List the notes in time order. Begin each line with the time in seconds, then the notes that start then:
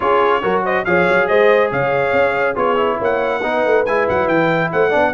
0.00 C#4 F4 G#4 C#5
0.42 F#3 F#4 A#4
0.64 C5 D#5
0.84 F3 G#4 C#5 F5
1.08 F#3
1.27 G#3 C5 D#5
1.70 C#3 C#5 F5
2.12 C#4
2.54 B3 F4 G#4 C#5
2.76 E4
2.97 A#3 C#5 F#5
3.41 B3 D#4 B4
3.65 A3
3.85 G#3 E4 G#5
4.08 F#3 F#5
4.27 E3 G5
4.72 A3 C5 F#5
4.89 B3 D4 D5